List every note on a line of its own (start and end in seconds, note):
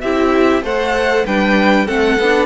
0.00 0.62 C4
0.00 0.62 E4
0.00 0.63 G4
0.00 0.62 E5
0.62 1.24 A3
0.62 1.24 A4
0.62 1.25 C5
0.62 1.26 F#5
1.25 1.88 G3
1.25 1.86 D4
1.25 1.86 B4
1.25 1.87 G5
1.86 2.18 A3
1.86 2.17 C4
1.86 2.46 A4
1.86 2.46 F#5
2.18 2.46 B3
2.18 2.46 D4